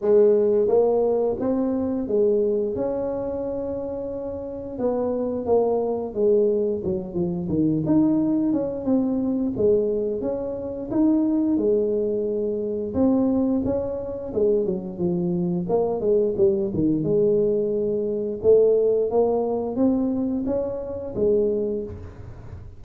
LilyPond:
\new Staff \with { instrumentName = "tuba" } { \time 4/4 \tempo 4 = 88 gis4 ais4 c'4 gis4 | cis'2. b4 | ais4 gis4 fis8 f8 dis8 dis'8~ | dis'8 cis'8 c'4 gis4 cis'4 |
dis'4 gis2 c'4 | cis'4 gis8 fis8 f4 ais8 gis8 | g8 dis8 gis2 a4 | ais4 c'4 cis'4 gis4 | }